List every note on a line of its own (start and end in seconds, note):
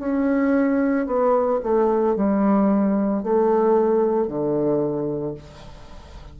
0.00 1.07 C#4
1.07 1.60 B3
1.63 2.16 A3
2.16 3.23 G3
3.23 4.28 A3
4.28 5.35 D3